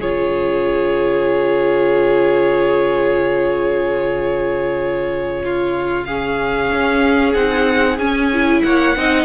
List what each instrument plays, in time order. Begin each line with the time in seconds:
0.00 cello C#3, viola F4, violin G#4 C#5
5.45 violin F4
6.05 viola C#4, violin G#4 F5
6.73 cello C#4
7.35 cello C4, viola D#4, violin F#5
7.99 cello C#4, viola C#4, violin G#5
8.33 viola E4
8.63 cello A#3, violin C#5 F#5
8.97 cello C4, viola D#4, violin D#5